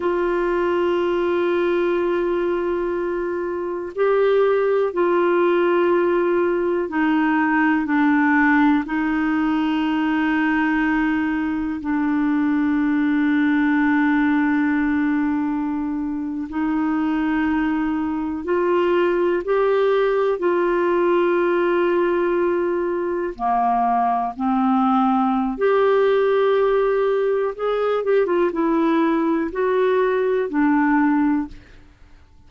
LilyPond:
\new Staff \with { instrumentName = "clarinet" } { \time 4/4 \tempo 4 = 61 f'1 | g'4 f'2 dis'4 | d'4 dis'2. | d'1~ |
d'8. dis'2 f'4 g'16~ | g'8. f'2. ais16~ | ais8. c'4~ c'16 g'2 | gis'8 g'16 f'16 e'4 fis'4 d'4 | }